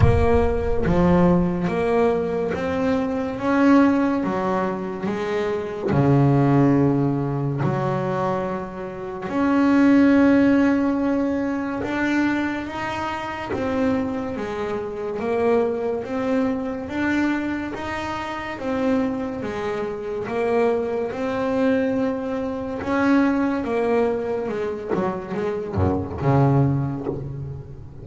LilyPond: \new Staff \with { instrumentName = "double bass" } { \time 4/4 \tempo 4 = 71 ais4 f4 ais4 c'4 | cis'4 fis4 gis4 cis4~ | cis4 fis2 cis'4~ | cis'2 d'4 dis'4 |
c'4 gis4 ais4 c'4 | d'4 dis'4 c'4 gis4 | ais4 c'2 cis'4 | ais4 gis8 fis8 gis8 fis,8 cis4 | }